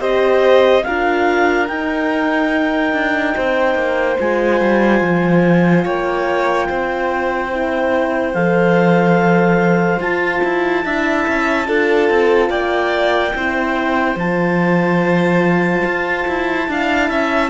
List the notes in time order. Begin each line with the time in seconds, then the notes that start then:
0.00 C4 G4 C5 D#5
0.84 D4 F4 A#4 F5
1.68 D#4 G5
2.93 D4
3.35 C4 C5
3.75 A#3
4.19 G#3 F4 G#5
4.61 G3
5.02 F3
5.85 A#3 C#5 G5
6.68 C4 C5
7.51 E4
8.34 F3 A4 F5
10.00 F4 A5
10.44 E4
10.85 D4 E4 E5
11.28 C#4
11.65 D4 F4 A4
12.10 C4
12.50 A#3 D5 G5
13.35 C4 E4 C5
14.16 F3 F4 A5
15.85 F4
16.28 E4
16.69 D4 E4 F5
17.10 C#4 E5